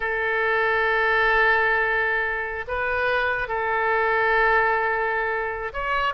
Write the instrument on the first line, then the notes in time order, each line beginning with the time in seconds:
oboe
0.00 A4
2.67 B4
3.47 A4
5.73 C#5